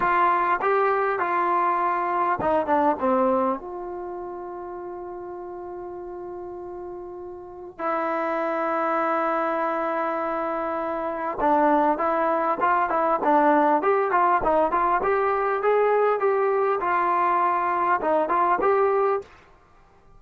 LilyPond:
\new Staff \with { instrumentName = "trombone" } { \time 4/4 \tempo 4 = 100 f'4 g'4 f'2 | dis'8 d'8 c'4 f'2~ | f'1~ | f'4 e'2.~ |
e'2. d'4 | e'4 f'8 e'8 d'4 g'8 f'8 | dis'8 f'8 g'4 gis'4 g'4 | f'2 dis'8 f'8 g'4 | }